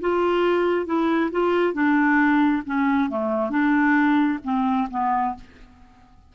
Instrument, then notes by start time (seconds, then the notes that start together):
clarinet
0.00 F4
0.86 E4
1.31 F4
1.73 D4
2.66 C#4
3.09 A3
3.49 D4
4.44 C4
4.90 B3